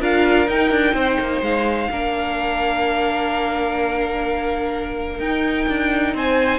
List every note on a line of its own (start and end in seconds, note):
0.00 0.47 D4
0.00 0.48 F4
0.00 0.94 A#4
0.00 0.49 F5
0.47 0.71 D#4
0.47 1.91 D#4
0.47 1.43 G5
0.71 0.94 D4
0.94 1.17 C4
0.94 1.90 C5
1.20 1.41 A#3
1.41 1.88 G#3
1.41 5.20 F5
1.91 5.19 A#3
1.91 5.22 D4
1.91 6.15 A#4
5.19 5.67 D#4
5.19 6.59 D#4
5.19 6.14 G5
5.68 6.14 D4
6.14 6.59 C4
6.14 6.59 C5
6.14 6.59 G#5